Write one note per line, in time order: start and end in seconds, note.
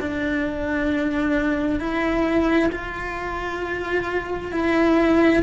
0.00 1.79 D4
1.79 2.70 E4
2.71 4.51 F4
4.51 5.42 E4